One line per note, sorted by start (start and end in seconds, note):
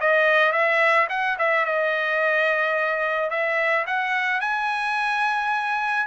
0.00 0.52 D#5
0.52 1.07 E5
1.09 1.37 F#5
1.39 1.65 E5
1.65 3.30 D#5
3.30 3.85 E5
3.87 4.41 F#5
4.41 6.06 G#5